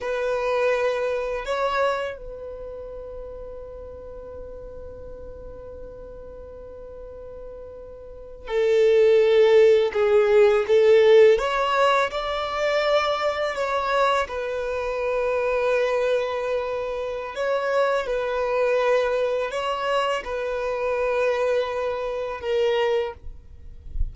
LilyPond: \new Staff \with { instrumentName = "violin" } { \time 4/4 \tempo 4 = 83 b'2 cis''4 b'4~ | b'1~ | b'2.~ b'8. a'16~ | a'4.~ a'16 gis'4 a'4 cis''16~ |
cis''8. d''2 cis''4 b'16~ | b'1 | cis''4 b'2 cis''4 | b'2. ais'4 | }